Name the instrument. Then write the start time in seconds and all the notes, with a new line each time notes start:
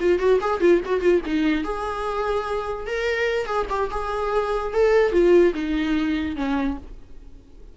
viola
0.00 F4
0.19 F#4
0.41 G#4
0.61 F4
0.86 F#4
1.01 F4
1.26 D#4
1.64 G#4
2.87 A#4
3.46 G#4
3.70 G4
3.91 G#4
4.74 A4
5.12 F4
5.54 D#4
6.36 C#4